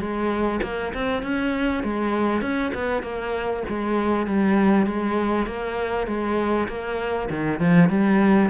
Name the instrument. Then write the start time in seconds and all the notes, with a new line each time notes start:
cello
0.00 G#3
0.63 A#3
0.94 C4
1.23 C#4
1.84 G#3
2.42 C#4
2.75 B3
3.03 A#3
3.69 G#3
4.27 G3
4.87 G#3
5.47 A#3
6.08 G#3
6.69 A#3
7.30 D#3
7.60 F3
7.90 G3